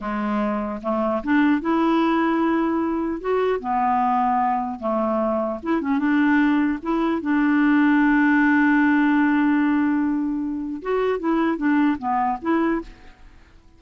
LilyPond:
\new Staff \with { instrumentName = "clarinet" } { \time 4/4 \tempo 4 = 150 gis2 a4 d'4 | e'1 | fis'4 b2. | a2 e'8 cis'8 d'4~ |
d'4 e'4 d'2~ | d'1~ | d'2. fis'4 | e'4 d'4 b4 e'4 | }